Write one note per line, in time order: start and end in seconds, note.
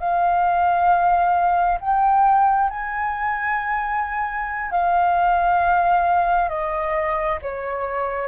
0.00 1.79 F5
1.81 2.70 G5
2.70 4.72 G#5
4.72 6.49 F5
6.49 7.39 D#5
7.42 8.28 C#5